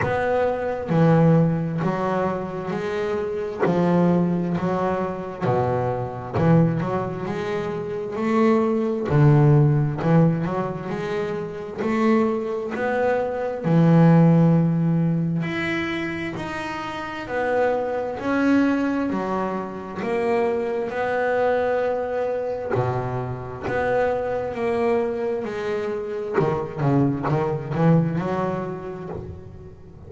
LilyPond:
\new Staff \with { instrumentName = "double bass" } { \time 4/4 \tempo 4 = 66 b4 e4 fis4 gis4 | f4 fis4 b,4 e8 fis8 | gis4 a4 d4 e8 fis8 | gis4 a4 b4 e4~ |
e4 e'4 dis'4 b4 | cis'4 fis4 ais4 b4~ | b4 b,4 b4 ais4 | gis4 dis8 cis8 dis8 e8 fis4 | }